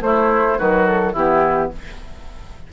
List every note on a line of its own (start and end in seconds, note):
0.00 0.57 A3
0.00 0.58 A3
0.00 0.57 E4
0.00 0.58 C5
0.57 1.15 D#3
0.57 1.15 F#3
0.57 1.12 F#4
0.57 0.86 B4
0.86 1.15 A4
1.12 1.72 E3
1.12 1.72 B3
1.12 1.69 E4
1.12 1.71 G4